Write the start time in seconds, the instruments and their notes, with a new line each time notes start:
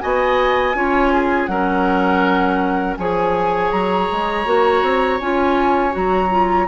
0.00 bassoon B3, clarinet F#4, oboe D#5, flute G#5
0.74 bassoon C#4, clarinet F4, oboe C#5
1.13 oboe G#4
1.46 bassoon F#3, clarinet C#4, oboe A#4, flute F#5
2.97 bassoon F3, clarinet G#4, oboe C#5, flute G#5
3.71 bassoon F#3, flute A#5
4.11 bassoon G#3
4.45 bassoon A#3, clarinet F#4
4.82 bassoon C4
5.20 bassoon C#4, clarinet F4, flute G#5
5.91 bassoon F#3, clarinet F#4, flute A#5
6.30 clarinet F4